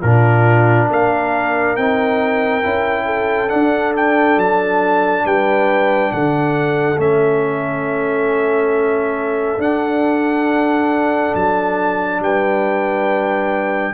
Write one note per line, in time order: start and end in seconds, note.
0.00 0.89 A#2
0.00 1.78 D4
0.00 0.87 F4
0.00 0.88 A#4
0.90 1.77 A#3
0.90 3.05 A#4
0.90 1.76 F5
1.76 2.64 C4
1.76 2.62 D#4
1.76 3.49 G5
2.62 3.51 C#4
2.62 3.48 E4
3.05 5.22 A4
3.48 6.96 D4
3.48 4.36 D4
3.48 3.92 F#5
3.96 4.39 G5
4.36 5.23 F#3
4.36 5.26 A5
5.24 6.11 G3
5.24 6.12 B4
5.24 6.12 G5
6.12 6.98 D3
6.12 12.22 A4
6.12 6.99 F#5
6.97 9.58 A3
6.97 9.58 C#4
6.97 9.61 E5
9.58 11.32 D4
9.58 13.93 D4
9.58 11.35 F#5
11.34 12.20 F#3
11.34 12.22 A5
12.20 13.93 G3
12.20 13.93 B4
12.20 13.93 G5